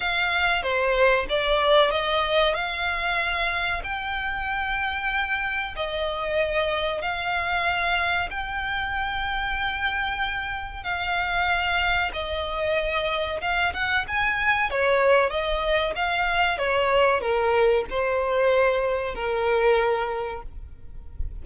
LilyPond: \new Staff \with { instrumentName = "violin" } { \time 4/4 \tempo 4 = 94 f''4 c''4 d''4 dis''4 | f''2 g''2~ | g''4 dis''2 f''4~ | f''4 g''2.~ |
g''4 f''2 dis''4~ | dis''4 f''8 fis''8 gis''4 cis''4 | dis''4 f''4 cis''4 ais'4 | c''2 ais'2 | }